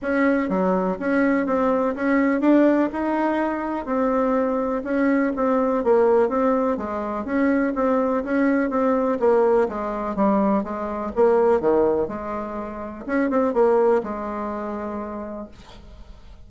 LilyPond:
\new Staff \with { instrumentName = "bassoon" } { \time 4/4 \tempo 4 = 124 cis'4 fis4 cis'4 c'4 | cis'4 d'4 dis'2 | c'2 cis'4 c'4 | ais4 c'4 gis4 cis'4 |
c'4 cis'4 c'4 ais4 | gis4 g4 gis4 ais4 | dis4 gis2 cis'8 c'8 | ais4 gis2. | }